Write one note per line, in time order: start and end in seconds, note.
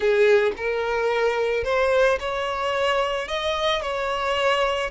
0.00 0.52 G#4
0.57 1.64 A#4
1.64 2.18 C5
2.19 3.28 C#5
3.28 3.81 D#5
3.81 4.90 C#5